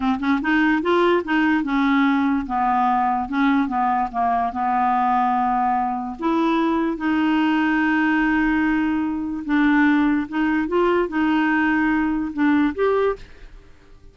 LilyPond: \new Staff \with { instrumentName = "clarinet" } { \time 4/4 \tempo 4 = 146 c'8 cis'8 dis'4 f'4 dis'4 | cis'2 b2 | cis'4 b4 ais4 b4~ | b2. e'4~ |
e'4 dis'2.~ | dis'2. d'4~ | d'4 dis'4 f'4 dis'4~ | dis'2 d'4 g'4 | }